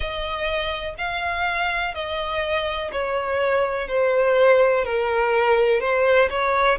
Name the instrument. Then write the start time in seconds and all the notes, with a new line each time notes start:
violin
0.00 D#5
0.98 F5
1.94 D#5
2.92 C#5
3.88 C5
4.84 A#4
5.80 C5
6.29 C#5